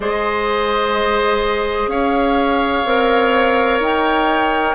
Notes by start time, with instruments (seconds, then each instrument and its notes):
0.00 bassoon G#3, clarinet G#4, oboe C5, flute D#5
1.87 bassoon C#4, oboe C#5, flute F5
2.84 bassoon C4, clarinet A#4
3.80 bassoon D#4, flute G5